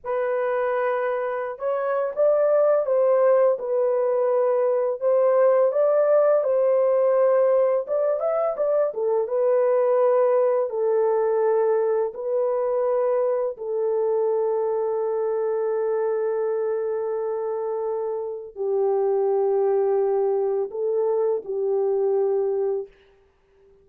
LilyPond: \new Staff \with { instrumentName = "horn" } { \time 4/4 \tempo 4 = 84 b'2~ b'16 cis''8. d''4 | c''4 b'2 c''4 | d''4 c''2 d''8 e''8 | d''8 a'8 b'2 a'4~ |
a'4 b'2 a'4~ | a'1~ | a'2 g'2~ | g'4 a'4 g'2 | }